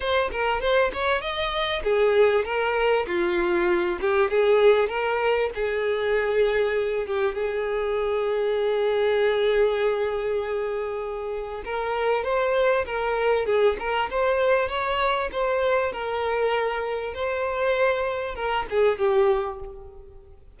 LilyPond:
\new Staff \with { instrumentName = "violin" } { \time 4/4 \tempo 4 = 98 c''8 ais'8 c''8 cis''8 dis''4 gis'4 | ais'4 f'4. g'8 gis'4 | ais'4 gis'2~ gis'8 g'8 | gis'1~ |
gis'2. ais'4 | c''4 ais'4 gis'8 ais'8 c''4 | cis''4 c''4 ais'2 | c''2 ais'8 gis'8 g'4 | }